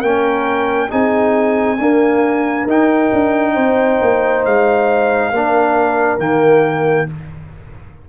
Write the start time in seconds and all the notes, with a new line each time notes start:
0.00 A#3 C#4 A#4 G5
0.89 C4 D#4 G#4 G#5
1.78 A#3 D4 A#4
2.66 D#4 G5
3.12 D4
3.53 C4 C5
4.01 A#3
4.45 G#3 F5
5.32 A#3 D4 A#4
6.18 D#3 A#3 G5